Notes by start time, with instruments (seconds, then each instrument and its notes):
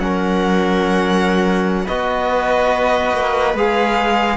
0.00 cello F#3, trombone C#4, viola A#4, violin F#5
1.86 cello B3, trombone F#4, viola B4, violin D#5
3.14 cello A#3
3.55 cello G#3, trombone G#4, violin F5